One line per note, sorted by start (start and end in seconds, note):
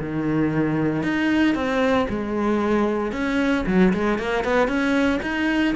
0.00 1.03 D#3
1.03 1.55 D#4
1.55 2.08 C4
2.10 3.13 G#3
3.13 3.65 C#4
3.67 3.93 F#3
3.94 4.19 G#3
4.19 4.45 A#3
4.45 4.68 B3
4.68 5.20 C#4
5.23 5.75 D#4